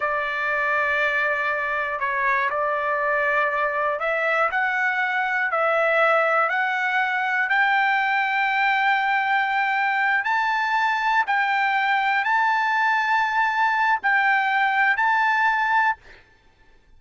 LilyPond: \new Staff \with { instrumentName = "trumpet" } { \time 4/4 \tempo 4 = 120 d''1 | cis''4 d''2. | e''4 fis''2 e''4~ | e''4 fis''2 g''4~ |
g''1~ | g''8 a''2 g''4.~ | g''8 a''2.~ a''8 | g''2 a''2 | }